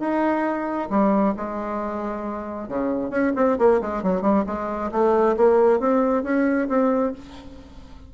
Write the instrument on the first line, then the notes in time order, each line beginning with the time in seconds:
bassoon
0.00 D#4
0.90 G3
1.37 G#3
2.69 C#3
3.11 C#4
3.36 C4
3.59 A#3
3.81 G#3
4.03 F#3
4.22 G3
4.46 G#3
4.92 A3
5.37 A#3
5.80 C4
6.24 C#4
6.69 C4